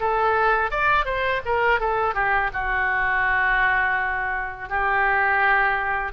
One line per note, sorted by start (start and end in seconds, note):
0.00 0.71 A4
0.71 1.05 D5
1.05 1.41 C5
1.45 1.80 A#4
1.80 2.14 A4
2.14 2.50 G4
2.53 4.69 F#4
4.69 6.12 G4